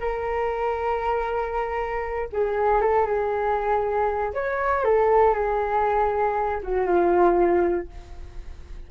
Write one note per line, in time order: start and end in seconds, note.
0.00 2.29 A#4
2.32 2.81 G#4
2.81 3.06 A4
3.06 4.33 G#4
4.34 4.84 C#5
4.84 5.34 A4
5.34 6.61 G#4
6.63 6.86 F#4
6.86 7.88 F4